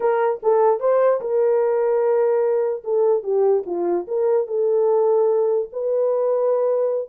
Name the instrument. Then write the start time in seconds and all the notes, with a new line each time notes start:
horn
0.00 A#4
0.43 A4
0.79 C5
1.21 A#4
2.83 A4
3.23 G4
3.66 F4
4.07 A#4
4.47 A4
5.72 B4